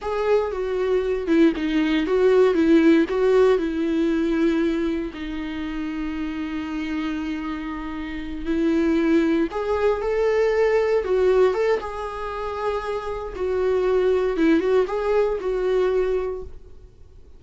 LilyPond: \new Staff \with { instrumentName = "viola" } { \time 4/4 \tempo 4 = 117 gis'4 fis'4. e'8 dis'4 | fis'4 e'4 fis'4 e'4~ | e'2 dis'2~ | dis'1~ |
dis'8 e'2 gis'4 a'8~ | a'4. fis'4 a'8 gis'4~ | gis'2 fis'2 | e'8 fis'8 gis'4 fis'2 | }